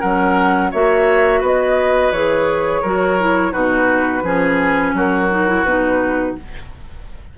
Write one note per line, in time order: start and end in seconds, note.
0.00 0.74 F#3
0.00 0.73 C#4
0.00 0.71 A#4
0.00 0.71 F#5
0.71 1.42 A#3
0.71 2.15 F#4
0.71 1.41 C#5
0.71 1.43 E5
1.41 2.12 B3
1.41 2.82 B4
1.41 2.13 D#5
2.12 2.83 E3
2.12 2.85 G#4
2.12 3.53 C#5
2.82 3.55 F#3
2.82 3.20 F#4
2.82 3.53 A#4
3.20 3.52 E4
3.52 4.23 B2
3.52 4.23 D#4
3.52 4.23 F#4
3.52 4.94 B4
4.23 4.94 F3
4.23 5.31 C#4
4.23 4.96 G#4
4.94 5.64 F#3
4.94 6.37 F#4
4.94 5.65 A#4
5.31 5.48 D#4
5.48 5.66 E4
5.64 6.35 B2
5.64 6.38 D#4
5.64 6.35 B4